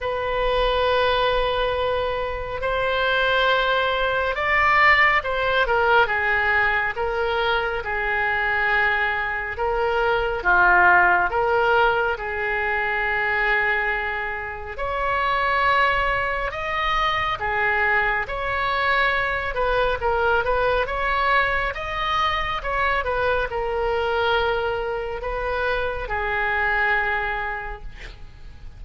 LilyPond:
\new Staff \with { instrumentName = "oboe" } { \time 4/4 \tempo 4 = 69 b'2. c''4~ | c''4 d''4 c''8 ais'8 gis'4 | ais'4 gis'2 ais'4 | f'4 ais'4 gis'2~ |
gis'4 cis''2 dis''4 | gis'4 cis''4. b'8 ais'8 b'8 | cis''4 dis''4 cis''8 b'8 ais'4~ | ais'4 b'4 gis'2 | }